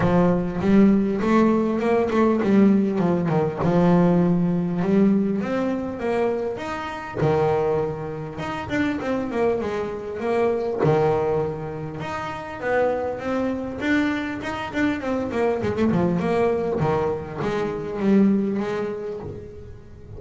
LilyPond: \new Staff \with { instrumentName = "double bass" } { \time 4/4 \tempo 4 = 100 f4 g4 a4 ais8 a8 | g4 f8 dis8 f2 | g4 c'4 ais4 dis'4 | dis2 dis'8 d'8 c'8 ais8 |
gis4 ais4 dis2 | dis'4 b4 c'4 d'4 | dis'8 d'8 c'8 ais8 gis16 a16 f8 ais4 | dis4 gis4 g4 gis4 | }